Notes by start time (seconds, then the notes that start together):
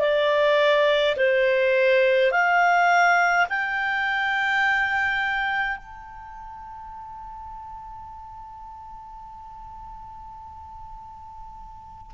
0.00 D5
1.17 C5
2.31 F5
3.49 G5
5.77 A5